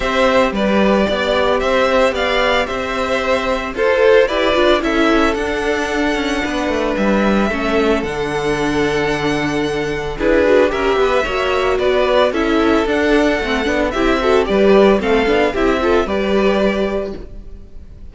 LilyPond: <<
  \new Staff \with { instrumentName = "violin" } { \time 4/4 \tempo 4 = 112 e''4 d''2 e''4 | f''4 e''2 c''4 | d''4 e''4 fis''2~ | fis''4 e''2 fis''4~ |
fis''2. b'4 | e''2 d''4 e''4 | fis''2 e''4 d''4 | f''4 e''4 d''2 | }
  \new Staff \with { instrumentName = "violin" } { \time 4/4 c''4 b'4 d''4 c''4 | d''4 c''2 a'4 | b'4 a'2. | b'2 a'2~ |
a'2. gis'4 | ais'8 b'8 cis''4 b'4 a'4~ | a'2 g'8 a'8 b'4 | a'4 g'8 a'8 b'2 | }
  \new Staff \with { instrumentName = "viola" } { \time 4/4 g'1~ | g'2. a'4 | g'8 f'8 e'4 d'2~ | d'2 cis'4 d'4~ |
d'2. e'8 fis'8 | g'4 fis'2 e'4 | d'4 c'8 d'8 e'8 fis'8 g'4 | c'8 d'8 e'8 f'8 g'2 | }
  \new Staff \with { instrumentName = "cello" } { \time 4/4 c'4 g4 b4 c'4 | b4 c'2 f'4 | e'8 d'8 cis'4 d'4. cis'8 | b8 a8 g4 a4 d4~ |
d2. d'4 | cis'8 b8 ais4 b4 cis'4 | d'4 a8 b8 c'4 g4 | a8 b8 c'4 g2 | }
>>